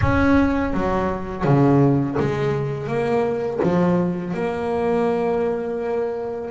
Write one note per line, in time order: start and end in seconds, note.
0.01 0.73 C#4
0.73 1.44 F#3
1.44 2.16 C#3
2.19 2.87 G#3
2.87 3.59 A#3
3.63 4.34 F3
4.34 6.50 A#3